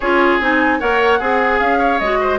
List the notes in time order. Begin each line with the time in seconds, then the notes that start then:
0.00 C#4 F4 G#4 C#5
0.40 C4 D#4 G#5
0.79 A#3 A#4 C#5 F#5
1.19 C4 G#4
1.59 C#4 F5
1.78 C#5
1.99 G#3 F#4 D#5
2.20 C5